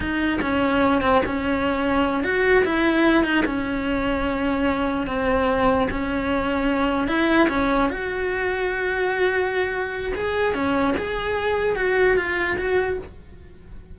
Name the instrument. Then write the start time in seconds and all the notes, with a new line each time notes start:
cello
0.00 D#4
0.41 C#4
1.01 C4
1.25 C#4
2.23 F#4
2.65 E4
3.24 D#4
3.45 C#4
5.06 C4
5.90 C#4
7.07 E4
7.49 C#4
7.89 F#4
10.14 G#4
10.54 C#4
10.97 G#4
11.76 F#4
12.16 F4
12.58 F#4